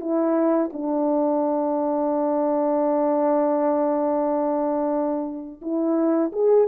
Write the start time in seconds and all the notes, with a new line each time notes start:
0.00 E4
0.73 D4
5.61 E4
6.32 G#4